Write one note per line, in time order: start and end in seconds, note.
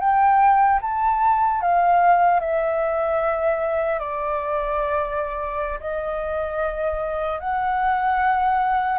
0.00 0.80 G5
0.81 1.61 A5
1.61 2.40 F5
2.40 3.99 E5
3.99 5.79 D5
5.80 7.39 D#5
7.39 8.99 F#5